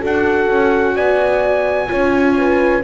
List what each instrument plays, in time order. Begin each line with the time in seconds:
0.00 double bass D4, viola F#4, horn A4, trumpet F#5
0.49 double bass C#4
0.96 double bass B3, horn D5, trumpet G#5
1.88 double bass C#4, viola F4, horn C#5
2.38 horn B4